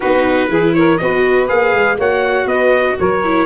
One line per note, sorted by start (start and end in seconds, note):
0.00 0.49 B3
0.00 0.50 D#4
0.00 0.48 F#4
0.00 0.74 B4
0.49 0.98 E3
0.49 0.99 E4
0.49 0.74 G#4
0.74 1.01 A#4
0.74 0.97 C#5
0.97 1.49 B3
0.97 1.47 F#4
0.97 1.97 B4
0.97 1.47 D#5
1.47 1.73 A#3
1.47 1.97 G#4
1.47 1.98 F5
1.73 1.98 G#3
1.97 2.45 A#3
1.97 3.21 F#4
1.97 2.45 C#5
1.97 2.47 F#5
2.45 2.95 B3
2.45 2.95 B4
2.45 2.97 D#5
2.99 3.45 F#3
2.99 3.45 A#4
2.99 3.45 C#5
3.24 3.45 E4